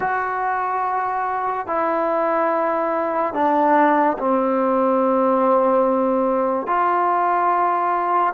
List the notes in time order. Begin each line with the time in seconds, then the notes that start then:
0.00 F#4
1.67 E4
3.33 D4
4.18 C4
6.67 F4